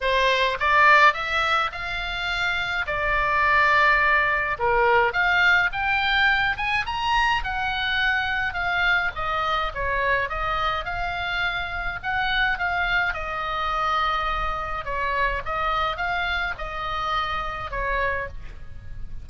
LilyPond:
\new Staff \with { instrumentName = "oboe" } { \time 4/4 \tempo 4 = 105 c''4 d''4 e''4 f''4~ | f''4 d''2. | ais'4 f''4 g''4. gis''8 | ais''4 fis''2 f''4 |
dis''4 cis''4 dis''4 f''4~ | f''4 fis''4 f''4 dis''4~ | dis''2 cis''4 dis''4 | f''4 dis''2 cis''4 | }